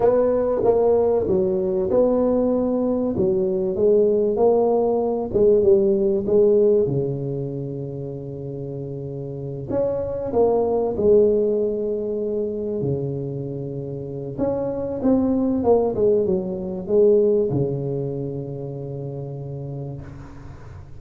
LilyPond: \new Staff \with { instrumentName = "tuba" } { \time 4/4 \tempo 4 = 96 b4 ais4 fis4 b4~ | b4 fis4 gis4 ais4~ | ais8 gis8 g4 gis4 cis4~ | cis2.~ cis8 cis'8~ |
cis'8 ais4 gis2~ gis8~ | gis8 cis2~ cis8 cis'4 | c'4 ais8 gis8 fis4 gis4 | cis1 | }